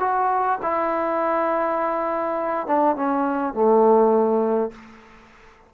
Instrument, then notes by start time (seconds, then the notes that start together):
trombone
0.00 F#4
0.62 E4
2.67 D4
2.96 C#4
3.54 A3